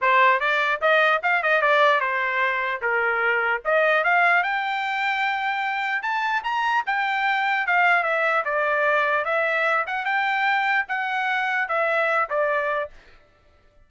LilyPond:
\new Staff \with { instrumentName = "trumpet" } { \time 4/4 \tempo 4 = 149 c''4 d''4 dis''4 f''8 dis''8 | d''4 c''2 ais'4~ | ais'4 dis''4 f''4 g''4~ | g''2. a''4 |
ais''4 g''2 f''4 | e''4 d''2 e''4~ | e''8 fis''8 g''2 fis''4~ | fis''4 e''4. d''4. | }